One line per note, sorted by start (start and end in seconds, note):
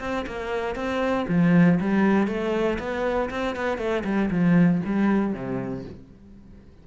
0.00 0.25 C4
0.27 0.76 A#3
0.76 1.26 C4
1.29 1.79 F3
1.80 2.28 G3
2.28 2.79 A3
2.79 3.30 B3
3.31 3.56 C4
3.56 3.78 B3
3.78 4.04 A3
4.04 4.30 G3
4.31 4.82 F3
4.86 5.34 G3
5.34 5.85 C3